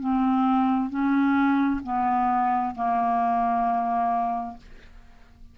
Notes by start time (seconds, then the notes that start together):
0.00 C4
0.90 C#4
1.84 B3
2.76 A#3